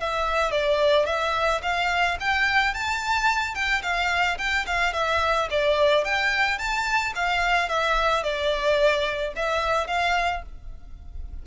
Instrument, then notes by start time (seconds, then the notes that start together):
violin
0.00 E5
0.52 D5
1.06 E5
1.63 F5
2.20 G5
2.74 A5
3.55 G5
3.83 F5
4.38 G5
4.67 F5
4.93 E5
5.51 D5
6.05 G5
6.59 A5
7.15 F5
7.69 E5
8.23 D5
9.36 E5
9.88 F5